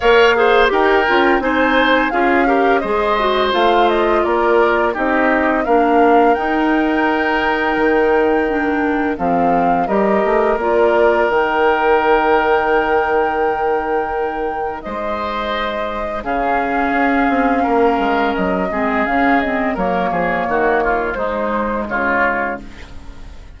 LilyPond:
<<
  \new Staff \with { instrumentName = "flute" } { \time 4/4 \tempo 4 = 85 f''4 g''4 gis''4 f''4 | dis''4 f''8 dis''8 d''4 dis''4 | f''4 g''2.~ | g''4 f''4 dis''4 d''4 |
g''1~ | g''4 dis''2 f''4~ | f''2 dis''4 f''8 dis''8 | cis''2 c''4 cis''4 | }
  \new Staff \with { instrumentName = "oboe" } { \time 4/4 cis''8 c''8 ais'4 c''4 gis'8 ais'8 | c''2 ais'4 g'4 | ais'1~ | ais'4 a'4 ais'2~ |
ais'1~ | ais'4 c''2 gis'4~ | gis'4 ais'4. gis'4. | ais'8 gis'8 fis'8 f'8 dis'4 f'4 | }
  \new Staff \with { instrumentName = "clarinet" } { \time 4/4 ais'8 gis'8 g'8 f'8 dis'4 f'8 g'8 | gis'8 fis'8 f'2 dis'4 | d'4 dis'2. | d'4 c'4 g'4 f'4 |
dis'1~ | dis'2. cis'4~ | cis'2~ cis'8 c'8 cis'8 c'8 | ais2 gis2 | }
  \new Staff \with { instrumentName = "bassoon" } { \time 4/4 ais4 dis'8 cis'8 c'4 cis'4 | gis4 a4 ais4 c'4 | ais4 dis'2 dis4~ | dis4 f4 g8 a8 ais4 |
dis1~ | dis4 gis2 cis4 | cis'8 c'8 ais8 gis8 fis8 gis8 cis4 | fis8 f8 dis4 gis4 cis4 | }
>>